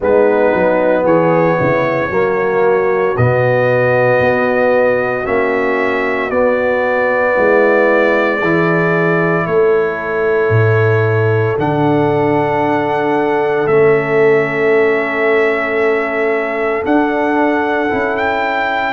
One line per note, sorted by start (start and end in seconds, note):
0.00 0.53 G#3
0.00 2.10 B3
0.00 1.04 D#4
0.00 1.06 B4
0.54 1.04 F#3
1.04 1.57 E3
1.04 1.57 G#4
1.04 3.16 C#5
1.58 2.10 C#3
1.58 2.09 E4
2.09 3.15 F#3
2.09 3.16 A#3
2.09 7.35 F#4
3.16 4.20 B2
3.16 5.25 B3
3.16 5.26 D#5
4.20 5.25 B3
5.25 6.30 A#3
5.25 6.30 C#4
5.25 6.30 E5
6.30 7.35 B3
6.30 8.41 B3
6.30 9.46 D5
7.37 8.41 G#3
7.37 8.39 E4
8.39 9.46 E3
8.39 11.58 E4
8.39 9.44 G#4
9.46 10.49 A3
9.46 18.93 A4
9.46 11.57 C#5
10.49 11.54 A2
11.58 13.66 D3
11.58 13.68 D4
11.58 13.67 F#5
13.66 16.82 A3
13.66 16.83 C#4
13.66 16.83 E5
16.83 17.89 D4
16.83 18.16 F#5
17.90 18.93 C#4
17.90 18.93 E4
18.16 18.93 G5